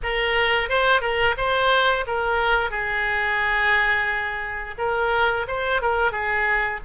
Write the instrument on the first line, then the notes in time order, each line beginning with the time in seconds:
oboe
0.02 A#4
0.68 C5
1.01 A#4
1.37 C5
2.06 A#4
2.70 G#4
4.78 A#4
5.47 C5
5.81 A#4
6.11 G#4